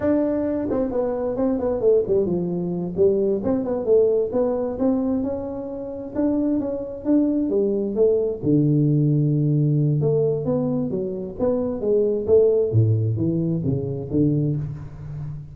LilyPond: \new Staff \with { instrumentName = "tuba" } { \time 4/4 \tempo 4 = 132 d'4. c'8 b4 c'8 b8 | a8 g8 f4. g4 c'8 | b8 a4 b4 c'4 cis'8~ | cis'4. d'4 cis'4 d'8~ |
d'8 g4 a4 d4.~ | d2 a4 b4 | fis4 b4 gis4 a4 | a,4 e4 cis4 d4 | }